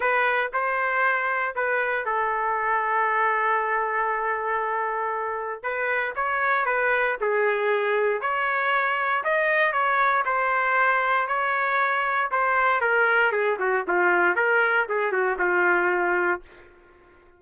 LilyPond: \new Staff \with { instrumentName = "trumpet" } { \time 4/4 \tempo 4 = 117 b'4 c''2 b'4 | a'1~ | a'2. b'4 | cis''4 b'4 gis'2 |
cis''2 dis''4 cis''4 | c''2 cis''2 | c''4 ais'4 gis'8 fis'8 f'4 | ais'4 gis'8 fis'8 f'2 | }